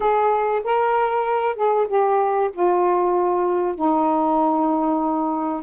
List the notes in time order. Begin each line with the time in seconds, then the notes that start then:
0.00 G#4
0.64 A#4
1.55 G#4
1.88 G4
2.53 F4
3.75 D#4